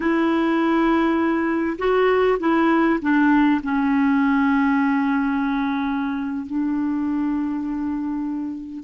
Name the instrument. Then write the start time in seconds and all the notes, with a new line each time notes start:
clarinet
0.00 E4
1.78 F#4
2.39 E4
3.01 D4
3.63 C#4
6.46 D4